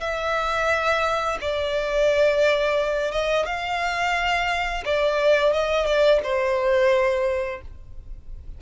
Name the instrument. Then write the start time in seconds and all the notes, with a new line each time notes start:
violin
0.00 E5
1.41 D5
3.12 D#5
3.46 F5
4.85 D5
5.53 D#5
5.86 D5
6.23 C5